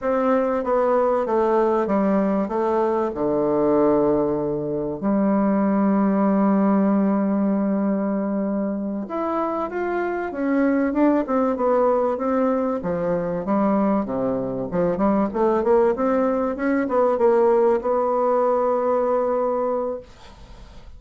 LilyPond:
\new Staff \with { instrumentName = "bassoon" } { \time 4/4 \tempo 4 = 96 c'4 b4 a4 g4 | a4 d2. | g1~ | g2~ g8 e'4 f'8~ |
f'8 cis'4 d'8 c'8 b4 c'8~ | c'8 f4 g4 c4 f8 | g8 a8 ais8 c'4 cis'8 b8 ais8~ | ais8 b2.~ b8 | }